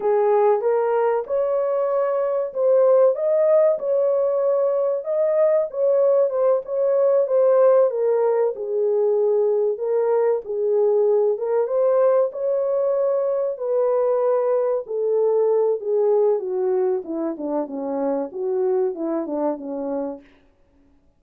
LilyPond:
\new Staff \with { instrumentName = "horn" } { \time 4/4 \tempo 4 = 95 gis'4 ais'4 cis''2 | c''4 dis''4 cis''2 | dis''4 cis''4 c''8 cis''4 c''8~ | c''8 ais'4 gis'2 ais'8~ |
ais'8 gis'4. ais'8 c''4 cis''8~ | cis''4. b'2 a'8~ | a'4 gis'4 fis'4 e'8 d'8 | cis'4 fis'4 e'8 d'8 cis'4 | }